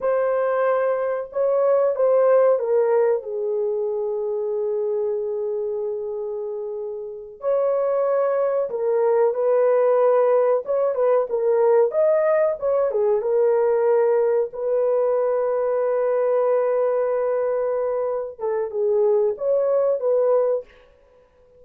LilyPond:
\new Staff \with { instrumentName = "horn" } { \time 4/4 \tempo 4 = 93 c''2 cis''4 c''4 | ais'4 gis'2.~ | gis'2.~ gis'8 cis''8~ | cis''4. ais'4 b'4.~ |
b'8 cis''8 b'8 ais'4 dis''4 cis''8 | gis'8 ais'2 b'4.~ | b'1~ | b'8 a'8 gis'4 cis''4 b'4 | }